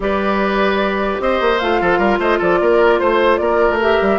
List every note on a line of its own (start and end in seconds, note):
0.00 1.19 G3
0.00 1.58 G4
0.00 1.22 B4
0.00 1.21 D5
1.19 1.39 C4
1.19 1.81 C5
1.19 1.59 D#5
1.40 1.60 A#3
1.59 1.81 A3
1.59 3.81 F4
1.59 2.19 F5
1.81 1.98 F3
1.81 1.98 A4
1.98 2.18 G3
1.98 2.18 A#4
2.19 2.39 A3
2.19 2.38 C5
2.19 2.40 D#5
2.38 2.60 F3
2.38 2.58 A4
2.38 2.99 D5
2.60 3.00 A#3
2.60 3.00 A#4
2.99 3.39 A3
2.99 3.37 C5
2.99 3.40 C5
3.37 3.69 A#3
3.37 4.19 A#4
3.37 3.77 D5
3.69 3.99 A3
3.81 4.19 G4
3.81 4.19 E5
4.01 4.19 G3